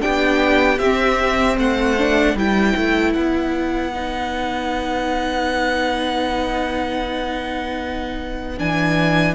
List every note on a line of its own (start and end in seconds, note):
0.00 0.78 D4
0.00 1.58 G4
0.00 0.79 G5
0.07 0.79 B3
0.79 1.57 C4
0.79 1.98 C4
0.79 1.57 E5
1.58 2.35 A3
1.58 2.36 C5
1.58 2.37 F#5
1.98 2.37 D4
2.35 2.74 G3
2.35 3.93 E4
2.35 9.35 B4
2.35 3.13 G5
2.76 3.15 A3
3.13 8.60 B3
3.13 8.59 F#5
3.93 8.58 D#4
8.58 9.35 E3
8.58 9.35 D4
8.58 9.35 G#5